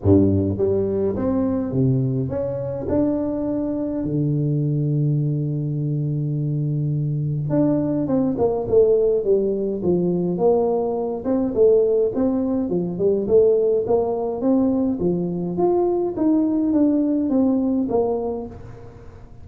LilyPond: \new Staff \with { instrumentName = "tuba" } { \time 4/4 \tempo 4 = 104 g,4 g4 c'4 c4 | cis'4 d'2 d4~ | d1~ | d4 d'4 c'8 ais8 a4 |
g4 f4 ais4. c'8 | a4 c'4 f8 g8 a4 | ais4 c'4 f4 f'4 | dis'4 d'4 c'4 ais4 | }